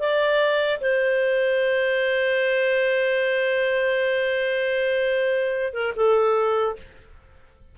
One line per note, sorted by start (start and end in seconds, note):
0.00 0.81 D5
0.81 5.74 C5
5.74 5.94 A#4
5.96 6.77 A4